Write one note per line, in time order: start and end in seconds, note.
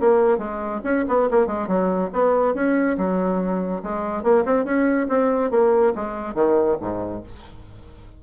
0.00 0.38 A#3
0.38 0.81 G#3
0.84 1.05 C#4
1.08 1.30 B3
1.31 1.47 A#3
1.47 1.68 G#3
1.68 2.10 F#3
2.13 2.55 B3
2.55 2.97 C#4
2.98 3.83 F#3
3.83 4.23 G#3
4.23 4.44 A#3
4.45 4.65 C4
4.65 5.08 C#4
5.09 5.51 C4
5.51 5.93 A#3
5.95 6.35 G#3
6.35 6.77 D#3
6.81 7.23 G#2